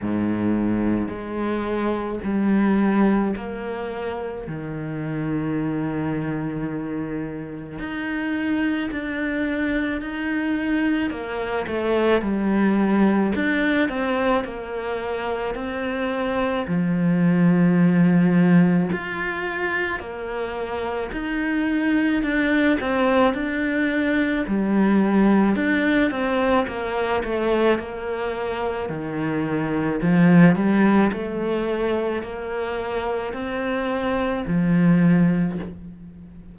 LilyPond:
\new Staff \with { instrumentName = "cello" } { \time 4/4 \tempo 4 = 54 gis,4 gis4 g4 ais4 | dis2. dis'4 | d'4 dis'4 ais8 a8 g4 | d'8 c'8 ais4 c'4 f4~ |
f4 f'4 ais4 dis'4 | d'8 c'8 d'4 g4 d'8 c'8 | ais8 a8 ais4 dis4 f8 g8 | a4 ais4 c'4 f4 | }